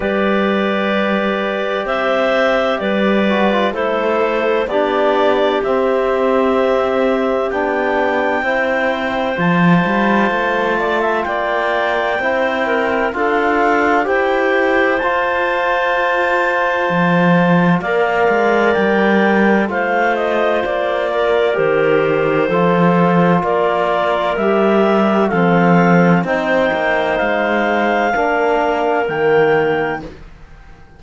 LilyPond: <<
  \new Staff \with { instrumentName = "clarinet" } { \time 4/4 \tempo 4 = 64 d''2 e''4 d''4 | c''4 d''4 e''2 | g''2 a''2 | g''2 f''4 g''4 |
a''2. f''4 | g''4 f''8 dis''8 d''4 c''4~ | c''4 d''4 e''4 f''4 | g''4 f''2 g''4 | }
  \new Staff \with { instrumentName = "clarinet" } { \time 4/4 b'2 c''4 b'4 | a'4 g'2.~ | g'4 c''2~ c''8 d''16 e''16 | d''4 c''8 ais'8 a'4 c''4~ |
c''2. d''4~ | d''4 c''4. ais'4. | a'4 ais'2 a'4 | c''2 ais'2 | }
  \new Staff \with { instrumentName = "trombone" } { \time 4/4 g'2.~ g'8 fis'16 f'16 | e'4 d'4 c'2 | d'4 e'4 f'2~ | f'4 e'4 f'4 g'4 |
f'2. ais'4~ | ais'4 f'2 g'4 | f'2 g'4 c'4 | dis'2 d'4 ais4 | }
  \new Staff \with { instrumentName = "cello" } { \time 4/4 g2 c'4 g4 | a4 b4 c'2 | b4 c'4 f8 g8 a4 | ais4 c'4 d'4 e'4 |
f'2 f4 ais8 gis8 | g4 a4 ais4 dis4 | f4 ais4 g4 f4 | c'8 ais8 gis4 ais4 dis4 | }
>>